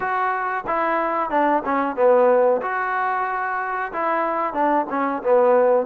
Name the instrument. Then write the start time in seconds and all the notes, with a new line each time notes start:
trombone
0.00 F#4
0.66 E4
1.30 D4
1.64 C#4
1.96 B3
2.61 F#4
3.92 E4
4.53 D4
4.89 C#4
5.22 B3